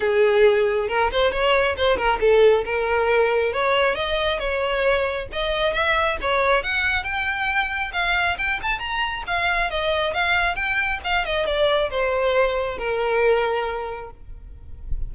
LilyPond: \new Staff \with { instrumentName = "violin" } { \time 4/4 \tempo 4 = 136 gis'2 ais'8 c''8 cis''4 | c''8 ais'8 a'4 ais'2 | cis''4 dis''4 cis''2 | dis''4 e''4 cis''4 fis''4 |
g''2 f''4 g''8 a''8 | ais''4 f''4 dis''4 f''4 | g''4 f''8 dis''8 d''4 c''4~ | c''4 ais'2. | }